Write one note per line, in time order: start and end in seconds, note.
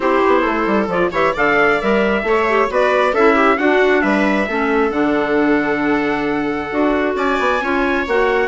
0.00 0.20 C4
0.00 0.89 E4
0.00 0.42 G4
0.00 0.88 C5
0.27 0.46 B3
0.42 0.66 A3
0.42 1.09 A4
0.66 0.87 G3
0.87 1.10 F3
0.87 1.12 F4
0.87 1.13 D5
1.11 1.34 E3
1.11 1.35 G4
1.11 1.33 C#5
1.11 1.36 E5
1.33 1.81 D3
1.33 1.80 A4
1.33 2.23 D5
1.33 1.81 F5
1.81 2.23 G3
1.81 2.23 A#4
1.81 2.70 E5
2.23 2.68 A3
2.23 2.46 A4
2.23 2.71 C#5
2.48 2.68 G4
2.68 3.13 B3
2.68 3.13 F#4
2.68 3.12 B4
2.68 3.14 D5
3.12 3.58 C#4
3.12 3.58 E4
3.12 3.34 A4
3.12 3.58 E5
3.34 3.57 G4
3.58 4.47 D4
3.58 4.03 D4
3.58 4.02 F#4
3.58 4.01 F#5
4.01 4.47 G3
4.01 4.47 B4
4.01 4.91 E5
4.47 4.90 A3
4.47 4.91 C#4
4.47 7.16 A4
4.90 6.70 D3
4.90 6.70 D4
4.90 7.15 F#5
6.71 7.15 D4
6.71 7.60 F#4
7.15 7.37 C#4
7.15 7.61 D5
7.15 8.06 G#5
7.39 7.60 B3
7.60 8.05 C#4
7.60 8.07 F4
7.60 8.48 C#5
8.07 8.48 A#3
8.07 8.48 F#4
8.07 8.48 F#5